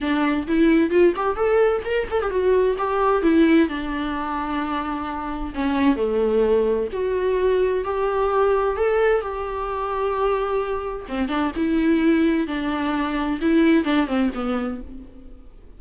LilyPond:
\new Staff \with { instrumentName = "viola" } { \time 4/4 \tempo 4 = 130 d'4 e'4 f'8 g'8 a'4 | ais'8 a'16 g'16 fis'4 g'4 e'4 | d'1 | cis'4 a2 fis'4~ |
fis'4 g'2 a'4 | g'1 | c'8 d'8 e'2 d'4~ | d'4 e'4 d'8 c'8 b4 | }